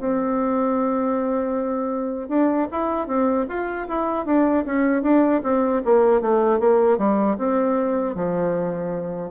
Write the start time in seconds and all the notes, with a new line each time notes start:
0.00 C4
2.29 D4
2.72 E4
3.08 C4
3.49 F4
3.89 E4
4.26 D4
4.66 C#4
5.03 D4
5.44 C4
5.85 A#3
6.22 A3
6.60 A#3
6.98 G3
7.38 C4
8.16 F3